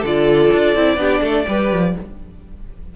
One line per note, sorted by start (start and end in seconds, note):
0.00 0.51 D3
0.00 0.76 F4
0.00 0.95 A4
0.06 1.97 D5
0.53 0.76 D4
0.76 0.97 C4
0.76 0.98 E4
0.97 1.21 B3
0.97 1.46 D4
0.97 1.22 G4
1.22 1.46 A3
1.22 1.46 A4
1.47 1.72 G3
1.47 1.95 G4
1.47 1.96 B4
1.72 1.96 F3